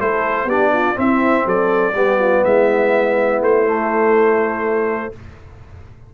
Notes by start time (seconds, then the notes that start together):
0.00 A3 E4 A4 C5
0.46 B3 D4 G4 D5
0.73 F4
0.95 C4 E4 E5
1.46 F#3 A4 D5
1.95 G3 B3 G4
2.20 F4
2.44 G#3 E4 E5
3.42 A3 C5
3.67 A3